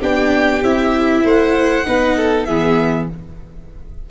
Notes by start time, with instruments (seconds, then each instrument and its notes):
0.00 tuba B3, viola D4, violin G4 G5
0.63 tuba C4, viola E4, violin E5
1.24 tuba A3, violin C5 F#5
1.85 tuba B3, viola D#4, violin B4
2.17 violin A4
2.45 tuba E3, viola B3, violin G#4 E5